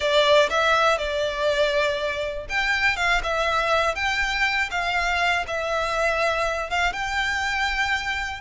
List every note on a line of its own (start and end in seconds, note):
0.00 0.49 D5
0.50 0.97 E5
0.97 2.46 D5
2.49 2.96 G5
2.96 3.21 F5
3.23 3.95 E5
3.95 4.69 G5
4.70 5.45 F5
5.47 6.69 E5
6.69 6.92 F5
6.92 8.41 G5